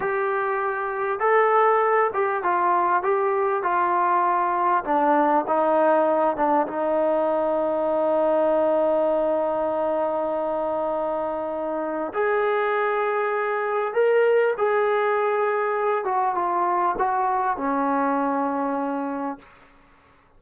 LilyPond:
\new Staff \with { instrumentName = "trombone" } { \time 4/4 \tempo 4 = 99 g'2 a'4. g'8 | f'4 g'4 f'2 | d'4 dis'4. d'8 dis'4~ | dis'1~ |
dis'1 | gis'2. ais'4 | gis'2~ gis'8 fis'8 f'4 | fis'4 cis'2. | }